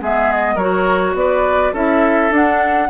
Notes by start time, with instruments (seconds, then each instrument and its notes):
0.00 bassoon G#3, clarinet B3, oboe G#4, flute E5
0.32 flute D#5
0.55 bassoon F#3, clarinet F#4, oboe A#4, flute C#5
1.13 bassoon B3, oboe B4, flute D5
1.72 bassoon C#4, clarinet E4, oboe A4, flute E5
2.30 bassoon D4, clarinet D4, flute F#5